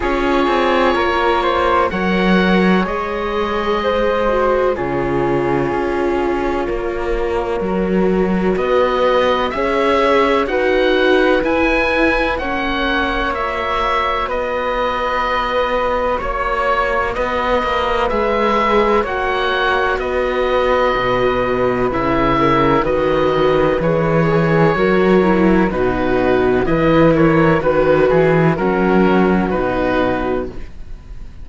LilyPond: <<
  \new Staff \with { instrumentName = "oboe" } { \time 4/4 \tempo 4 = 63 cis''2 fis''4 dis''4~ | dis''4 cis''2.~ | cis''4 dis''4 e''4 fis''4 | gis''4 fis''4 e''4 dis''4~ |
dis''4 cis''4 dis''4 e''4 | fis''4 dis''2 e''4 | dis''4 cis''2 b'4 | dis''8 cis''8 b'8 gis'8 ais'4 b'4 | }
  \new Staff \with { instrumentName = "flute" } { \time 4/4 gis'4 ais'8 c''8 cis''2 | c''4 gis'2 ais'4~ | ais'4 b'4 cis''4 b'4~ | b'4 cis''2 b'4~ |
b'4 cis''4 b'2 | cis''4 b'2~ b'8 ais'8 | b'4. gis'8 ais'4 fis'4 | b'8 ais'8 b'4 fis'2 | }
  \new Staff \with { instrumentName = "viola" } { \time 4/4 f'2 ais'4 gis'4~ | gis'8 fis'8 f'2. | fis'2 gis'4 fis'4 | e'4 cis'4 fis'2~ |
fis'2. gis'4 | fis'2. e'4 | fis'4 gis'4 fis'8 e'8 dis'4 | e'4 fis'4 cis'4 dis'4 | }
  \new Staff \with { instrumentName = "cello" } { \time 4/4 cis'8 c'8 ais4 fis4 gis4~ | gis4 cis4 cis'4 ais4 | fis4 b4 cis'4 dis'4 | e'4 ais2 b4~ |
b4 ais4 b8 ais8 gis4 | ais4 b4 b,4 cis4 | dis4 e4 fis4 b,4 | e4 dis8 e8 fis4 b,4 | }
>>